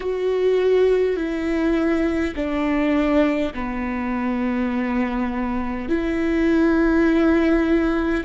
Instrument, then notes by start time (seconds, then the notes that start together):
viola
0.00 F#4
1.16 E4
2.35 D4
3.53 B3
5.88 E4